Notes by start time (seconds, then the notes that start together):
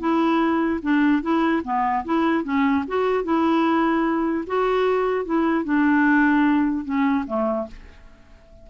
0.00 E4
0.83 D4
1.23 E4
1.65 B3
2.05 E4
2.45 C#4
2.88 F#4
3.25 E4
4.47 F#4
5.26 E4
5.65 D4
6.85 C#4
7.27 A3